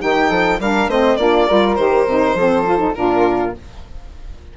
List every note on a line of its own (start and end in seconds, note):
0.00 0.30 D#3
0.00 0.59 D#4
0.00 0.29 G4
0.00 0.60 G5
0.29 0.59 F3
0.29 0.58 A4
0.60 0.87 G3
0.60 0.91 D4
0.60 0.89 A#4
0.60 0.90 F5
0.87 1.16 A3
0.87 1.19 C4
0.87 1.18 C5
0.87 1.17 D#5
1.17 1.47 A#3
1.17 1.48 D4
1.17 1.47 F4
1.17 1.75 D5
1.47 1.78 G3
1.47 1.77 F4
1.47 2.36 A#4
1.75 2.06 D#3
1.75 2.06 G4
1.75 2.93 C5
2.06 2.34 C3
2.06 2.38 D#4
2.34 2.93 F3
2.34 2.66 C4
2.34 2.96 A4
2.66 2.78 F4
2.78 2.93 D#4
2.94 3.57 A#2
2.94 3.54 D4
2.94 3.56 F4
2.94 3.53 A#4